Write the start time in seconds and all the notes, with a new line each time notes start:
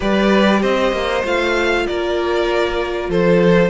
0.00 G3 G4 B4 D5
0.61 C4 C5 D#5
0.92 A#3
1.24 A3 F4 F5
1.86 A#3 A#4 D5
3.08 F3 A4 C5